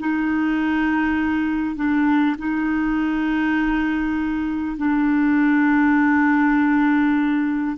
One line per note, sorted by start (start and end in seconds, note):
0.00 1.76 D#4
1.76 2.36 D4
2.39 4.78 D#4
4.78 7.78 D4